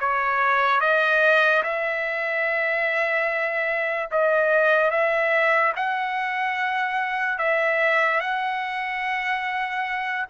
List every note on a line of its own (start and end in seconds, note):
0.00 0.80 C#5
0.80 1.63 D#5
1.63 4.09 E5
4.11 4.91 D#5
4.91 5.73 E5
5.76 7.38 F#5
7.38 8.20 E5
8.20 10.26 F#5